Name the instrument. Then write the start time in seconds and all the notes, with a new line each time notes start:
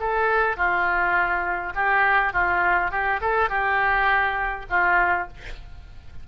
oboe
0.00 A4
0.57 F4
1.75 G4
2.34 F4
2.91 G4
3.21 A4
3.50 G4
4.70 F4